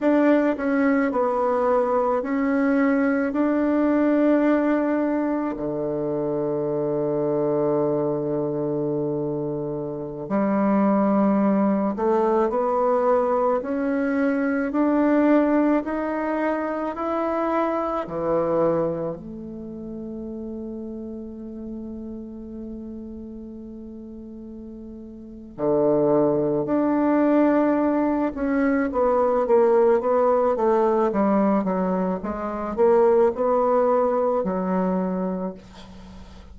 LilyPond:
\new Staff \with { instrumentName = "bassoon" } { \time 4/4 \tempo 4 = 54 d'8 cis'8 b4 cis'4 d'4~ | d'4 d2.~ | d4~ d16 g4. a8 b8.~ | b16 cis'4 d'4 dis'4 e'8.~ |
e'16 e4 a2~ a8.~ | a2. d4 | d'4. cis'8 b8 ais8 b8 a8 | g8 fis8 gis8 ais8 b4 fis4 | }